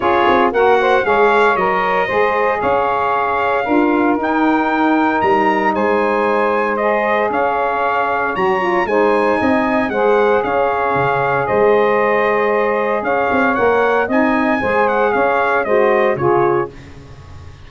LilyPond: <<
  \new Staff \with { instrumentName = "trumpet" } { \time 4/4 \tempo 4 = 115 cis''4 fis''4 f''4 dis''4~ | dis''4 f''2. | g''2 ais''4 gis''4~ | gis''4 dis''4 f''2 |
ais''4 gis''2 fis''4 | f''2 dis''2~ | dis''4 f''4 fis''4 gis''4~ | gis''8 fis''8 f''4 dis''4 cis''4 | }
  \new Staff \with { instrumentName = "saxophone" } { \time 4/4 gis'4 ais'8 c''8 cis''2 | c''4 cis''2 ais'4~ | ais'2. c''4~ | c''2 cis''2~ |
cis''4 c''4 dis''4 c''4 | cis''2 c''2~ | c''4 cis''2 dis''4 | c''4 cis''4 c''4 gis'4 | }
  \new Staff \with { instrumentName = "saxophone" } { \time 4/4 f'4 fis'4 gis'4 ais'4 | gis'2. f'4 | dis'1~ | dis'4 gis'2. |
fis'8 f'8 dis'2 gis'4~ | gis'1~ | gis'2 ais'4 dis'4 | gis'2 fis'4 f'4 | }
  \new Staff \with { instrumentName = "tuba" } { \time 4/4 cis'8 c'8 ais4 gis4 fis4 | gis4 cis'2 d'4 | dis'2 g4 gis4~ | gis2 cis'2 |
fis4 gis4 c'4 gis4 | cis'4 cis4 gis2~ | gis4 cis'8 c'8 ais4 c'4 | gis4 cis'4 gis4 cis4 | }
>>